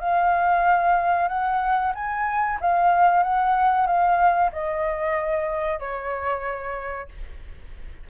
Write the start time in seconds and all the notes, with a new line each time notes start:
0.00 F5
1.28 F#5
1.94 G#5
2.60 F5
3.23 F#5
3.87 F5
4.52 D#5
5.79 C#5